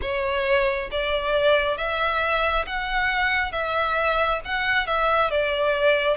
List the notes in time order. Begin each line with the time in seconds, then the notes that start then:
0.01 C#5
0.91 D5
1.77 E5
2.66 F#5
3.52 E5
4.44 F#5
4.86 E5
5.30 D5